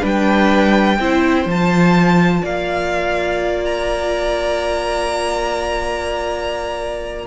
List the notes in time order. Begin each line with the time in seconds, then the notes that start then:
0.00 G3 D4 B4 G5
0.98 C4 E4 C5
1.46 F3 F4 A5
2.41 A#3 D5 F5
3.64 A#5